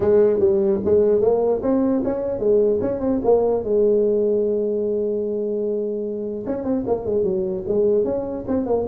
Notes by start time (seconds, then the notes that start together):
0.00 G#3
0.39 G3
0.85 G#3
1.21 A#3
1.62 C4
2.04 C#4
2.39 G#3
2.81 C#4
3.00 C4
3.24 A#3
3.63 G#3
6.46 C#4
6.64 C4
6.86 A#3
7.05 G#3
7.23 F#3
7.67 G#3
8.04 C#4
8.47 C4
8.66 A#3